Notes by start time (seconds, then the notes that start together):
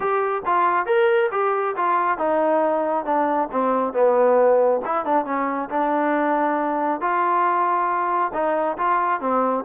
0.00 G4
0.45 F4
0.86 A#4
1.31 G4
1.76 F4
2.17 D#4
3.05 D4
3.51 C4
3.93 B3
4.85 E4
5.05 D4
5.25 C#4
5.69 D4
7.00 F4
8.33 D#4
8.77 F4
9.20 C4